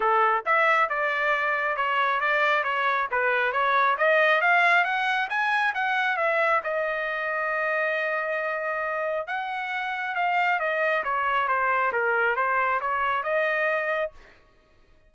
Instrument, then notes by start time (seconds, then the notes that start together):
trumpet
0.00 A4
0.45 E5
0.89 D5
1.76 C#5
2.20 D5
2.63 C#5
3.11 B4
3.52 C#5
3.97 D#5
4.41 F5
4.84 F#5
5.29 G#5
5.74 F#5
6.16 E5
6.63 D#5
9.27 F#5
10.15 F5
10.59 D#5
11.04 C#5
11.48 C5
11.92 A#4
12.36 C5
12.80 C#5
13.23 D#5